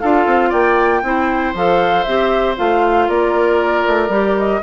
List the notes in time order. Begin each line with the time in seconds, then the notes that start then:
0.00 D4 F4 A4 F5
0.26 C4
0.50 A#3 D5 G5
1.03 C4 E4 C5
1.54 F3 A4 F5
2.03 C4 G4 E5
2.56 A3 F4 F5
3.08 A#3 A#4 D5
3.88 A3
4.09 G3 G4
4.38 D#5